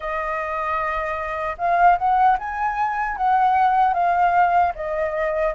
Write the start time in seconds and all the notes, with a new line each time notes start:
0.00 D#5
1.58 F5
1.98 F#5
2.38 G#5
3.16 F#5
3.93 F5
4.75 D#5